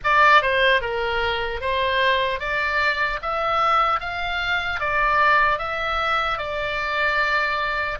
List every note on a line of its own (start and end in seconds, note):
0.04 0.42 D5
0.42 0.81 C5
0.81 1.60 A#4
1.60 2.39 C5
2.39 3.19 D5
3.21 4.00 E5
4.00 4.80 F5
4.80 5.58 D5
5.58 6.38 E5
6.38 7.98 D5